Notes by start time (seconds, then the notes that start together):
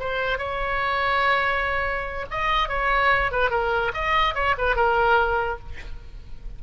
0.00 C5
0.38 C#5
2.31 D#5
2.69 C#5
3.32 B4
3.50 A#4
3.94 D#5
4.35 C#5
4.58 B4
4.76 A#4